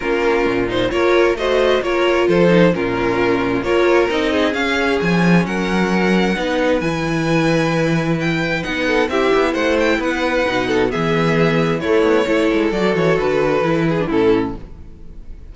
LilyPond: <<
  \new Staff \with { instrumentName = "violin" } { \time 4/4 \tempo 4 = 132 ais'4. c''8 cis''4 dis''4 | cis''4 c''4 ais'2 | cis''4 dis''4 f''4 gis''4 | fis''2. gis''4~ |
gis''2 g''4 fis''4 | e''4 fis''8 g''8 fis''2 | e''2 cis''2 | d''8 cis''8 b'2 a'4 | }
  \new Staff \with { instrumentName = "violin" } { \time 4/4 f'2 ais'4 c''4 | ais'4 a'4 f'2 | ais'4. gis'2~ gis'8 | ais'2 b'2~ |
b'2.~ b'8 a'8 | g'4 c''4 b'4. a'8 | gis'2 e'4 a'4~ | a'2~ a'8 gis'8 e'4 | }
  \new Staff \with { instrumentName = "viola" } { \time 4/4 cis'4. dis'8 f'4 fis'4 | f'4. dis'8 cis'2 | f'4 dis'4 cis'2~ | cis'2 dis'4 e'4~ |
e'2. dis'4 | e'2. dis'4 | b2 a4 e'4 | fis'2 e'8. d'16 cis'4 | }
  \new Staff \with { instrumentName = "cello" } { \time 4/4 ais4 ais,4 ais4 a4 | ais4 f4 ais,2 | ais4 c'4 cis'4 f4 | fis2 b4 e4~ |
e2. b4 | c'8 b8 a4 b4 b,4 | e2 a8 b8 a8 gis8 | fis8 e8 d4 e4 a,4 | }
>>